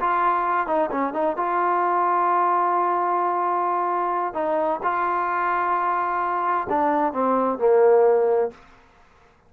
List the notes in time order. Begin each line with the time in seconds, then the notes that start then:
0.00 F4
0.67 D#4
0.91 C#4
1.13 D#4
1.36 F4
4.34 D#4
4.83 F4
6.69 D4
7.13 C4
7.58 A#3